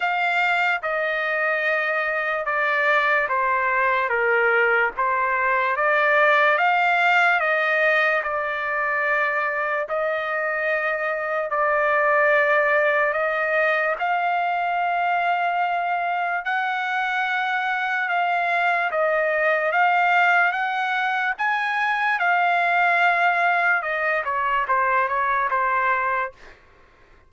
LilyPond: \new Staff \with { instrumentName = "trumpet" } { \time 4/4 \tempo 4 = 73 f''4 dis''2 d''4 | c''4 ais'4 c''4 d''4 | f''4 dis''4 d''2 | dis''2 d''2 |
dis''4 f''2. | fis''2 f''4 dis''4 | f''4 fis''4 gis''4 f''4~ | f''4 dis''8 cis''8 c''8 cis''8 c''4 | }